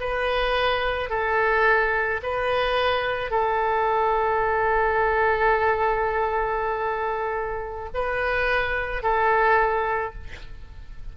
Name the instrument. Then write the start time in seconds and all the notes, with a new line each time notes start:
oboe
0.00 B4
1.09 A4
2.22 B4
3.31 A4
7.93 B4
9.03 A4